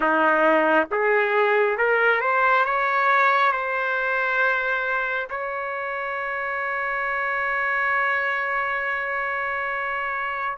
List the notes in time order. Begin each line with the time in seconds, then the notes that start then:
0.00 D#4
0.91 G#4
1.77 A#4
2.21 C5
2.65 C#5
3.51 C5
5.29 C#5